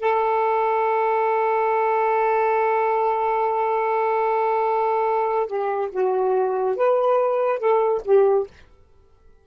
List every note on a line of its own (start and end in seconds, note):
0.00 5.47 A4
5.47 5.89 G4
5.92 6.76 F#4
6.76 7.59 B4
7.59 8.02 A4
8.05 8.47 G4